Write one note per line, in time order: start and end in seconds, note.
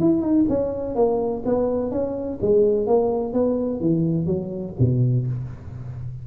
0.00 0.22 E4
0.22 0.45 D#4
0.49 0.95 C#4
0.95 1.43 A#3
1.45 1.91 B3
1.91 2.39 C#4
2.42 2.87 G#3
2.87 3.33 A#3
3.33 3.81 B3
3.81 4.26 E3
4.26 4.74 F#3
4.79 5.27 B2